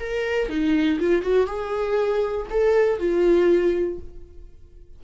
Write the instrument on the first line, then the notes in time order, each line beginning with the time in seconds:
viola
0.00 A#4
0.50 D#4
1.00 F4
1.22 F#4
1.47 G#4
2.50 A4
2.99 F4